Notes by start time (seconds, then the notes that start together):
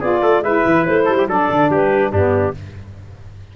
0.00 B3 F4 G#4 D5
0.22 A3 A4
0.41 G#3 E4 B4 E5
0.66 E3
0.86 A3 C5
1.05 G3 A4
1.18 G4
1.28 F#3 D4 A4 D5
1.51 D3
1.70 G3 G4 B4
2.12 G2 B3 D4 G4